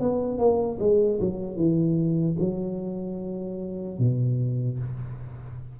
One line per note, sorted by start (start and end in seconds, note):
0.00 0.39 B3
0.39 0.79 A#3
0.80 1.20 G#3
1.20 1.57 F#3
1.57 2.37 E3
2.40 3.99 F#3
3.99 4.79 B2